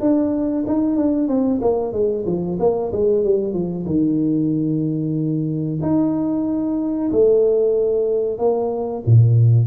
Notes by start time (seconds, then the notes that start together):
0.00 D4
0.67 D#4
0.96 D4
1.28 C4
1.61 A#3
1.92 G#3
2.26 F3
2.59 A#3
2.92 G#3
3.24 G3
3.53 F3
3.86 D#3
5.82 D#4
7.11 A3
8.38 A#3
9.06 A#2